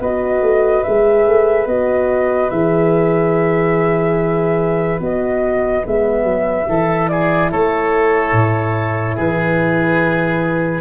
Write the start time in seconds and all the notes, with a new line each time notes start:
0.00 B3 F#4 B4 D#5
0.41 A3
0.83 G#3 G#4 E5
1.27 A3
1.66 B3 F#4 D#5
2.50 E3 G#4 E5
5.00 B3 F#4 D#5
5.83 G#3 B3 E5
6.23 F#3
6.68 E3 E4 A4
7.08 G#4 D5
7.51 A3 A4 C#5
8.32 A2
9.16 E3 G#4 B4